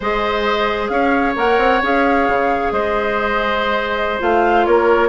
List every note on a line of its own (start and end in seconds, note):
0.00 0.89 G#3
0.00 1.35 G#4
0.00 0.91 C5
0.00 0.88 D#5
0.88 1.35 C#4
0.88 2.73 C#5
0.88 1.33 F5
1.35 1.58 A#3
1.35 1.81 A#4
1.35 1.82 F#5
1.58 1.81 C4
1.82 2.27 C#4
1.82 4.19 G#4
1.82 2.72 F5
2.27 2.71 C#3
2.71 4.19 G#3
2.71 4.66 C5
2.71 4.20 D#5
4.19 4.66 A3
4.19 5.08 F4
4.19 4.65 F5
4.65 5.08 A#3
4.65 5.08 A#4
4.65 5.08 C#5